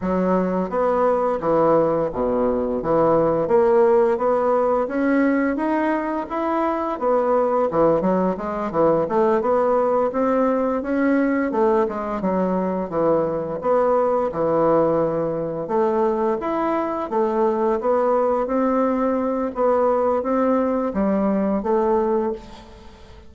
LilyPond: \new Staff \with { instrumentName = "bassoon" } { \time 4/4 \tempo 4 = 86 fis4 b4 e4 b,4 | e4 ais4 b4 cis'4 | dis'4 e'4 b4 e8 fis8 | gis8 e8 a8 b4 c'4 cis'8~ |
cis'8 a8 gis8 fis4 e4 b8~ | b8 e2 a4 e'8~ | e'8 a4 b4 c'4. | b4 c'4 g4 a4 | }